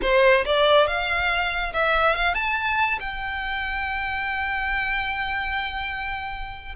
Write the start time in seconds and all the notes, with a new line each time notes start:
0.02 C5
0.45 D5
0.87 F5
1.73 E5
2.15 F5
2.34 A5
3.00 G5